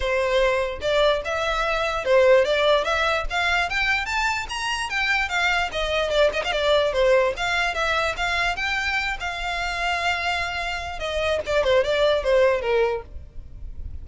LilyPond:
\new Staff \with { instrumentName = "violin" } { \time 4/4 \tempo 4 = 147 c''2 d''4 e''4~ | e''4 c''4 d''4 e''4 | f''4 g''4 a''4 ais''4 | g''4 f''4 dis''4 d''8 dis''16 f''16 |
d''4 c''4 f''4 e''4 | f''4 g''4. f''4.~ | f''2. dis''4 | d''8 c''8 d''4 c''4 ais'4 | }